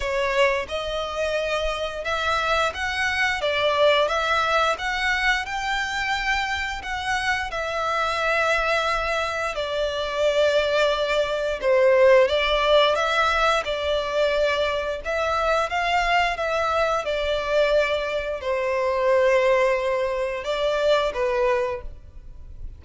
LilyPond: \new Staff \with { instrumentName = "violin" } { \time 4/4 \tempo 4 = 88 cis''4 dis''2 e''4 | fis''4 d''4 e''4 fis''4 | g''2 fis''4 e''4~ | e''2 d''2~ |
d''4 c''4 d''4 e''4 | d''2 e''4 f''4 | e''4 d''2 c''4~ | c''2 d''4 b'4 | }